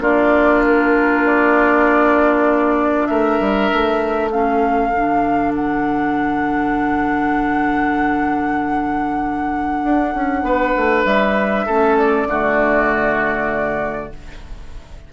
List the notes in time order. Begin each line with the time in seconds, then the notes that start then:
0.00 A#3 D4 F4 D5
0.66 A#4
1.27 D5
3.06 A3 A#4 E5
3.40 G3
3.73 A3
4.31 C#4 A4 F5
4.94 D3 D4
5.55 F#5
9.84 D4
10.14 C#4
10.42 B3 B4
10.76 A3
11.05 G3 E5
11.66 A3 C#4 A4
11.98 D5
12.27 D3 A3 F#4